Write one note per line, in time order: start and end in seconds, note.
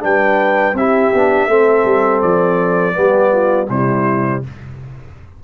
0.00 0.73 G3
0.00 0.73 D4
0.00 0.77 B4
0.00 0.77 G5
0.73 1.10 C4
0.73 1.14 E4
0.73 1.49 G4
0.73 2.21 E5
1.14 1.47 B3
1.14 1.49 D4
1.47 1.83 A3
1.47 2.93 C4
1.47 2.95 A4
1.84 2.21 G3
2.21 2.96 F3
2.21 3.68 D5
2.93 3.69 G3
2.93 3.66 B3
2.93 3.32 G4
3.32 3.68 F4
3.69 4.42 C3
3.69 4.44 G3
3.69 4.43 E4
3.69 4.43 C5